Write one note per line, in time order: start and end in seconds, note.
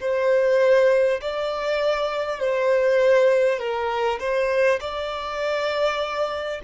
0.00 1.20 C5
1.21 2.39 D5
2.39 3.59 C5
3.59 4.19 A#4
4.19 4.79 C5
4.80 6.60 D5